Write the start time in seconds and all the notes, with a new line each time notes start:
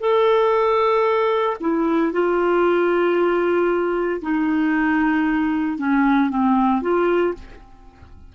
0.00 A4
1.60 E4
2.12 F4
4.21 D#4
5.78 C#4
6.29 C4
6.82 F4